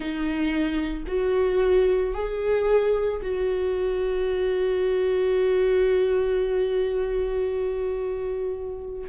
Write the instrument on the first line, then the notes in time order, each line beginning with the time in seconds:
viola
0.00 D#4
1.07 F#4
2.14 G#4
3.21 F#4